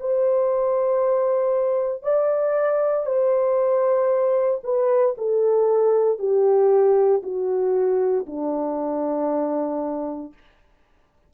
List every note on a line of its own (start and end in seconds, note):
0.00 2.03 C5
2.03 3.06 D5
3.06 4.61 C5
4.64 5.15 B4
5.18 6.19 A4
6.19 7.22 G4
7.22 8.26 F#4
8.26 10.33 D4